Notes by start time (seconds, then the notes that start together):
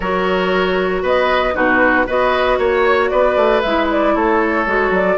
0.00 F#3 F#4 A#4 C#5
1.02 B3 B4 D#5
1.54 B2 D#4 F#4 B4
2.06 B3 F#4 B4 D#5
2.58 A#3 C#5
3.09 B3 B4 D5
3.36 A3
3.61 G#3 E4 E5
3.91 D5
4.15 A3 A4 C#5
4.66 G#3 F#4
4.90 F#3 D5